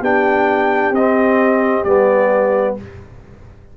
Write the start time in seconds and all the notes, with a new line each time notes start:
0.00 B3 D4 G4 G5
0.91 C4 D#5
0.98 C4
1.84 G3 B3 D5